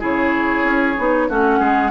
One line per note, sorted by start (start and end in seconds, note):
0.00 0.64 C#3
0.00 0.96 E4
0.00 1.28 G#4
0.00 1.30 C#5
0.64 0.96 C#4
0.97 1.29 B3
0.97 1.29 D#4
1.29 1.60 A3
1.29 1.92 C#4
1.29 1.60 F#4
1.29 1.92 F#5
1.60 1.92 G#3
1.60 1.92 G#4